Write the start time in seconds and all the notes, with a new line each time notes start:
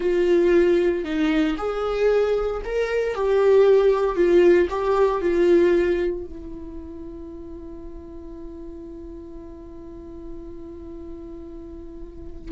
0.00 F4
1.04 D#4
1.57 G#4
2.64 A#4
3.14 G4
4.15 F4
4.69 G4
5.21 F4
6.25 E4